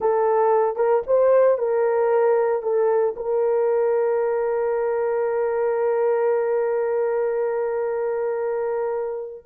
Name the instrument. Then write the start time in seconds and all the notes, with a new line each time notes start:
horn
0.00 A4
0.76 A#4
1.06 C5
1.58 A#4
2.62 A4
3.16 A#4